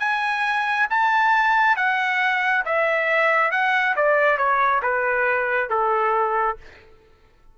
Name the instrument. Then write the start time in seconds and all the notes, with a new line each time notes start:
trumpet
0.00 G#5
0.90 A5
1.77 F#5
2.65 E5
3.52 F#5
3.96 D5
4.38 C#5
4.83 B4
5.70 A4